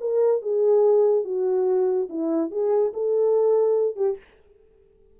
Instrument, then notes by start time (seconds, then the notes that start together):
horn
0.00 A#4
0.41 G#4
1.24 F#4
2.09 E4
2.50 G#4
2.93 A4
3.96 G4